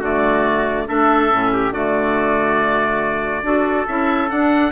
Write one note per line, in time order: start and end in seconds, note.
0.00 0.87 D3
0.00 0.88 A3
0.00 0.86 F#4
0.00 0.88 D5
0.88 1.32 A3
0.88 1.31 D4
0.88 1.52 A4
0.88 1.73 E5
1.31 1.71 A2
1.31 1.74 C#4
1.53 1.73 G4
1.71 3.42 D3
1.71 3.44 A3
1.71 3.44 F#4
1.71 3.87 D5
3.42 3.85 D4
3.42 3.87 F#4
3.42 4.72 A4
3.87 4.30 C#4
3.87 4.28 E4
3.87 4.30 E5
4.28 4.71 D4
4.28 4.72 D4
4.28 4.72 F#5